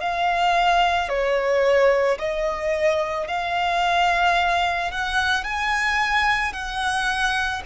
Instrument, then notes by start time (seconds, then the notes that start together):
violin
0.00 F5
1.09 C#5
2.19 D#5
3.27 F5
4.91 F#5
5.44 G#5
6.53 F#5